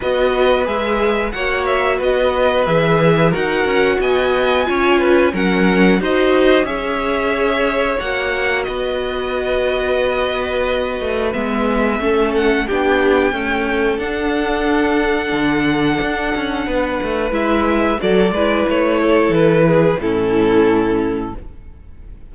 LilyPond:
<<
  \new Staff \with { instrumentName = "violin" } { \time 4/4 \tempo 4 = 90 dis''4 e''4 fis''8 e''8 dis''4 | e''4 fis''4 gis''2 | fis''4 dis''4 e''2 | fis''4 dis''2.~ |
dis''4 e''4. fis''8 g''4~ | g''4 fis''2.~ | fis''2 e''4 d''4 | cis''4 b'4 a'2 | }
  \new Staff \with { instrumentName = "violin" } { \time 4/4 b'2 cis''4 b'4~ | b'4 ais'4 dis''4 cis''8 b'8 | ais'4 c''4 cis''2~ | cis''4 b'2.~ |
b'2 a'4 g'4 | a'1~ | a'4 b'2 a'8 b'8~ | b'8 a'4 gis'8 e'2 | }
  \new Staff \with { instrumentName = "viola" } { \time 4/4 fis'4 gis'4 fis'2 | gis'4 fis'2 f'4 | cis'4 fis'4 gis'2 | fis'1~ |
fis'4 b4 cis'4 d'4 | a4 d'2.~ | d'2 e'4 fis'8 e'8~ | e'2 cis'2 | }
  \new Staff \with { instrumentName = "cello" } { \time 4/4 b4 gis4 ais4 b4 | e4 dis'8 cis'8 b4 cis'4 | fis4 dis'4 cis'2 | ais4 b2.~ |
b8 a8 gis4 a4 b4 | cis'4 d'2 d4 | d'8 cis'8 b8 a8 gis4 fis8 gis8 | a4 e4 a,2 | }
>>